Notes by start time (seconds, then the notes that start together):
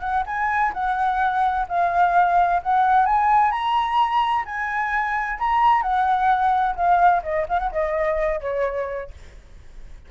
0.00 F#5
0.26 G#5
0.73 F#5
1.68 F5
2.63 F#5
3.06 G#5
3.51 A#5
4.45 G#5
5.39 A#5
5.82 F#5
6.76 F5
7.23 D#5
7.48 F5
7.59 F#5
7.71 D#5
8.41 C#5